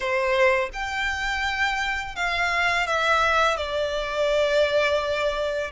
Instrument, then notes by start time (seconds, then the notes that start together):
violin
0.00 C5
0.73 G5
2.15 F5
2.86 E5
3.56 D5